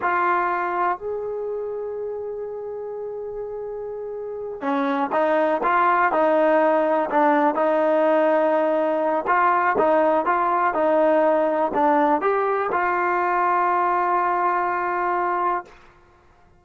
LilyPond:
\new Staff \with { instrumentName = "trombone" } { \time 4/4 \tempo 4 = 123 f'2 gis'2~ | gis'1~ | gis'4. cis'4 dis'4 f'8~ | f'8 dis'2 d'4 dis'8~ |
dis'2. f'4 | dis'4 f'4 dis'2 | d'4 g'4 f'2~ | f'1 | }